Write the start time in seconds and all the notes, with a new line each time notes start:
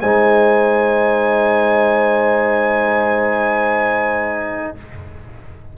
0.00 G#3 D#4 C5 G#5